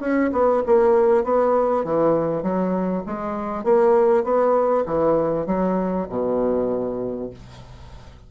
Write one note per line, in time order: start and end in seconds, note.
0.00 0.30 C#4
0.32 0.62 B3
0.66 1.23 A#3
1.23 1.84 B3
1.84 2.42 E3
2.42 3.03 F#3
3.06 3.63 G#3
3.63 4.23 A#3
4.23 4.84 B3
4.85 5.46 E3
5.46 6.06 F#3
6.09 7.30 B2